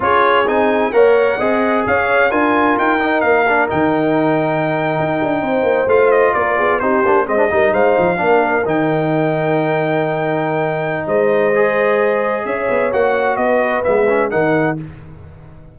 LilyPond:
<<
  \new Staff \with { instrumentName = "trumpet" } { \time 4/4 \tempo 4 = 130 cis''4 gis''4 fis''2 | f''4 gis''4 g''4 f''4 | g''1~ | g''8. f''8 dis''8 d''4 c''4 dis''16~ |
dis''8. f''2 g''4~ g''16~ | g''1 | dis''2. e''4 | fis''4 dis''4 e''4 fis''4 | }
  \new Staff \with { instrumentName = "horn" } { \time 4/4 gis'2 cis''4 dis''4 | cis''4 ais'2.~ | ais'2.~ ais'8. c''16~ | c''4.~ c''16 ais'8 gis'8 g'4 c''16~ |
c''16 ais'8 c''4 ais'2~ ais'16~ | ais'1 | c''2. cis''4~ | cis''4 b'2 ais'4 | }
  \new Staff \with { instrumentName = "trombone" } { \time 4/4 f'4 dis'4 ais'4 gis'4~ | gis'4 f'4. dis'4 d'8 | dis'1~ | dis'8. f'2 dis'8 d'8 c'16 |
d'16 dis'4. d'4 dis'4~ dis'16~ | dis'1~ | dis'4 gis'2. | fis'2 b8 cis'8 dis'4 | }
  \new Staff \with { instrumentName = "tuba" } { \time 4/4 cis'4 c'4 ais4 c'4 | cis'4 d'4 dis'4 ais4 | dis2~ dis8. dis'8 d'8 c'16~ | c'16 ais8 a4 ais8 b8 c'8 ais8 gis16~ |
gis16 g8 gis8 f8 ais4 dis4~ dis16~ | dis1 | gis2. cis'8 b8 | ais4 b4 gis4 dis4 | }
>>